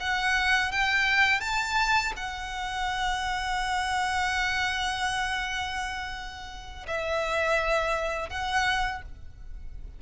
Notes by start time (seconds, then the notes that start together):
0.00 F#5
0.72 G5
1.41 A5
2.17 F#5
6.87 E5
8.30 F#5